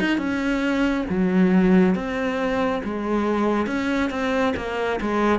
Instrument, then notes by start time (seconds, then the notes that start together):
cello
0.00 D#4
0.18 C#4
1.09 F#3
1.95 C4
2.84 G#3
3.67 C#4
4.10 C4
4.57 A#3
5.01 G#3